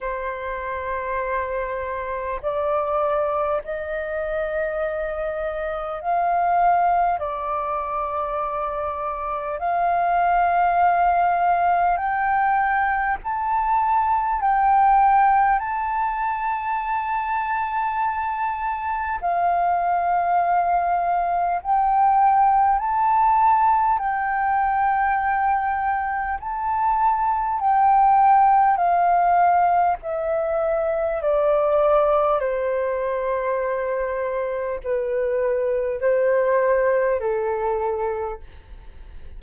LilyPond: \new Staff \with { instrumentName = "flute" } { \time 4/4 \tempo 4 = 50 c''2 d''4 dis''4~ | dis''4 f''4 d''2 | f''2 g''4 a''4 | g''4 a''2. |
f''2 g''4 a''4 | g''2 a''4 g''4 | f''4 e''4 d''4 c''4~ | c''4 b'4 c''4 a'4 | }